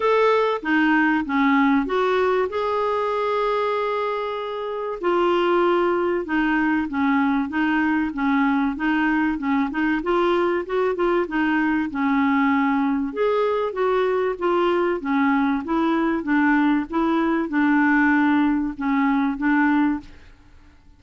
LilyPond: \new Staff \with { instrumentName = "clarinet" } { \time 4/4 \tempo 4 = 96 a'4 dis'4 cis'4 fis'4 | gis'1 | f'2 dis'4 cis'4 | dis'4 cis'4 dis'4 cis'8 dis'8 |
f'4 fis'8 f'8 dis'4 cis'4~ | cis'4 gis'4 fis'4 f'4 | cis'4 e'4 d'4 e'4 | d'2 cis'4 d'4 | }